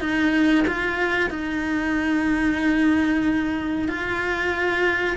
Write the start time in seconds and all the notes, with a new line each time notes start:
0.00 D#4
0.67 F4
1.30 D#4
3.88 F4